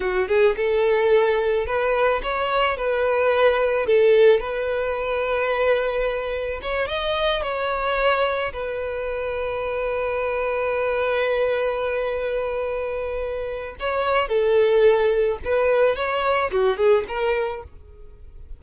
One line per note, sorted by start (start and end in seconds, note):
0.00 0.28 F#4
0.28 0.55 G#4
0.56 1.66 A4
1.66 2.21 B4
2.22 2.77 C#5
2.77 3.86 B4
3.86 4.40 A4
4.40 6.60 B4
6.62 6.88 C#5
6.88 7.42 D#5
7.42 8.52 C#5
8.52 13.75 B4
13.79 14.28 C#5
14.28 15.38 A4
15.44 15.96 B4
15.96 16.51 C#5
16.51 16.77 F#4
16.77 17.04 G#4
17.08 17.63 A#4